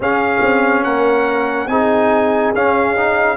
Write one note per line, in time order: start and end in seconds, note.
0.00 0.42 C#4
0.00 1.69 C#4
0.00 0.84 G#4
0.00 0.83 F5
0.42 0.83 C4
0.83 1.67 A#3
0.83 1.68 A#4
0.83 1.67 F#5
1.67 2.51 C4
1.67 2.54 D#4
1.67 3.36 G#4
1.67 2.52 G#5
2.54 3.36 C#4
2.54 2.96 C#4
2.54 3.36 F5
2.96 3.36 D#4